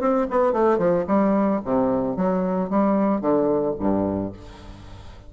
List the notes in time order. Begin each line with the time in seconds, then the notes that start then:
0.00 C4
0.30 B3
0.52 A3
0.78 F3
1.07 G3
1.64 C3
2.16 F#3
2.69 G3
3.21 D3
3.79 G2